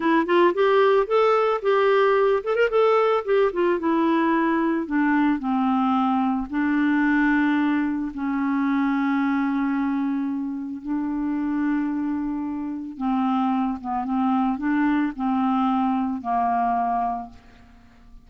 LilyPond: \new Staff \with { instrumentName = "clarinet" } { \time 4/4 \tempo 4 = 111 e'8 f'8 g'4 a'4 g'4~ | g'8 a'16 ais'16 a'4 g'8 f'8 e'4~ | e'4 d'4 c'2 | d'2. cis'4~ |
cis'1 | d'1 | c'4. b8 c'4 d'4 | c'2 ais2 | }